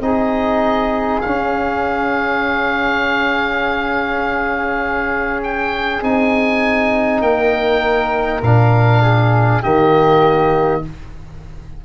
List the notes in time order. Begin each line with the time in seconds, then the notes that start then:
0.00 C4 D#4 G#4 D#5
1.21 C#4 F5
5.43 G5
6.02 C4 D#4 G#5
7.21 A#3 A#4 G5
8.42 A#2 D4 F5
9.02 G#4
9.62 D#3 A#3 G4 D#5